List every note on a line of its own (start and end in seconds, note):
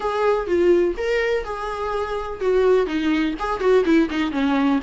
0.00 0.46 G#4
0.46 0.94 F4
0.97 1.44 A#4
1.44 2.40 G#4
2.40 2.86 F#4
2.86 3.34 D#4
3.39 3.60 G#4
3.60 3.84 F#4
3.84 4.08 E4
4.10 4.31 D#4
4.31 4.79 C#4